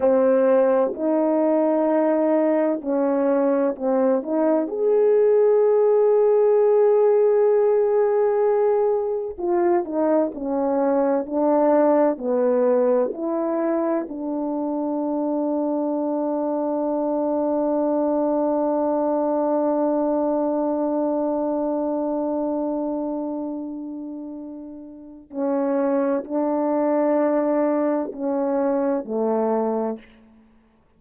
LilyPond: \new Staff \with { instrumentName = "horn" } { \time 4/4 \tempo 4 = 64 c'4 dis'2 cis'4 | c'8 dis'8 gis'2.~ | gis'2 f'8 dis'8 cis'4 | d'4 b4 e'4 d'4~ |
d'1~ | d'1~ | d'2. cis'4 | d'2 cis'4 a4 | }